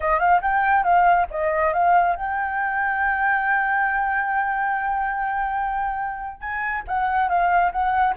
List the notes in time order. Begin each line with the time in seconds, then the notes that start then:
0.00 D#5
0.19 F5
0.41 G5
0.83 F5
1.30 D#5
1.73 F5
2.16 G5
6.40 G#5
6.87 F#5
7.29 F5
7.71 F#5